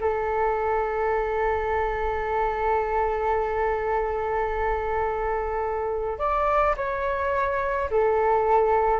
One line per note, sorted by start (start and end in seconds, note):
0.00 6.19 A4
6.19 6.75 D5
6.76 7.89 C#5
7.90 9.00 A4